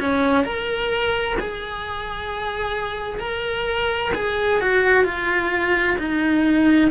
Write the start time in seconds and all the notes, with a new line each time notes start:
0.00 C#4
0.45 A#4
1.40 G#4
3.20 A#4
4.15 G#4
4.62 F#4
5.05 F4
5.99 D#4